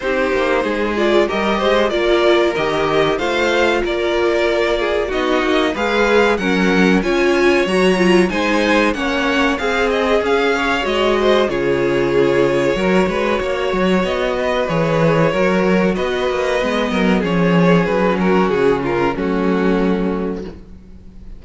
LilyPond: <<
  \new Staff \with { instrumentName = "violin" } { \time 4/4 \tempo 4 = 94 c''4. d''8 dis''4 d''4 | dis''4 f''4 d''2 | dis''4 f''4 fis''4 gis''4 | ais''4 gis''4 fis''4 f''8 dis''8 |
f''4 dis''4 cis''2~ | cis''2 dis''4 cis''4~ | cis''4 dis''2 cis''4 | b'8 ais'8 gis'8 ais'8 fis'2 | }
  \new Staff \with { instrumentName = "violin" } { \time 4/4 g'4 gis'4 ais'8 c''8 ais'4~ | ais'4 c''4 ais'4. gis'8 | fis'4 b'4 ais'4 cis''4~ | cis''4 c''4 cis''4 gis'4~ |
gis'8 cis''4 c''8 gis'2 | ais'8 b'8 cis''4. b'4. | ais'4 b'4. ais'8 gis'4~ | gis'8 fis'4 f'8 cis'2 | }
  \new Staff \with { instrumentName = "viola" } { \time 4/4 dis'4. f'8 g'4 f'4 | g'4 f'2. | dis'4 gis'4 cis'4 f'4 | fis'8 f'8 dis'4 cis'4 gis'4~ |
gis'4 fis'4 f'2 | fis'2. gis'4 | fis'2 b4 cis'4~ | cis'2 a2 | }
  \new Staff \with { instrumentName = "cello" } { \time 4/4 c'8 ais8 gis4 g8 gis8 ais4 | dis4 a4 ais2 | b8 ais8 gis4 fis4 cis'4 | fis4 gis4 ais4 c'4 |
cis'4 gis4 cis2 | fis8 gis8 ais8 fis8 b4 e4 | fis4 b8 ais8 gis8 fis8 f4 | fis4 cis4 fis2 | }
>>